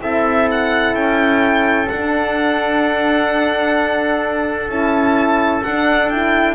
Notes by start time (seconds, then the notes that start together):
0.00 C4 E4 A4 E5
0.51 F#5
0.94 C#4 G5
1.89 D4 F#5
4.69 C#4 E4 A5
5.64 D4 F#5
6.10 E4 G5